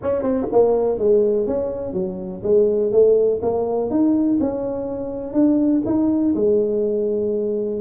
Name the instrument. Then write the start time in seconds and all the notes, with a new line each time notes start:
tuba
0.02 C#4
0.22 C4
0.51 A#3
0.98 G#3
1.46 C#4
1.93 F#3
2.43 G#3
2.92 A3
3.41 A#3
3.90 D#4
4.40 C#4
5.33 D4
5.85 D#4
6.35 G#3